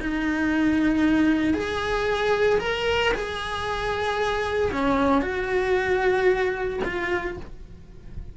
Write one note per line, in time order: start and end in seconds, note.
0.00 1.54 D#4
1.54 2.59 G#4
2.59 3.12 A#4
3.13 4.71 G#4
4.72 5.21 C#4
5.21 6.79 F#4
6.84 7.37 F4